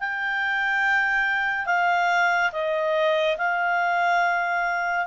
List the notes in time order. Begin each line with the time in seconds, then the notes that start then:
0.00 G5
1.66 F5
2.53 D#5
3.38 F5